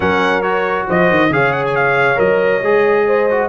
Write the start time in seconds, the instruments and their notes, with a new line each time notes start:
0.00 tuba F#3, trombone C#4, horn A#4, trumpet F#5
0.42 trombone F#4, trumpet C#5
0.87 tuba F3, horn C5, trumpet D#5
1.10 tuba D#3
1.29 tuba C#3, trombone G#4, horn C#5, trumpet F5
1.52 trumpet F#5
1.65 trumpet G#5
1.75 trumpet F5
2.16 tuba F#3, trombone A#4, trumpet D#5
2.62 tuba G#3, trombone G#4
3.07 horn C5
3.30 trombone F#4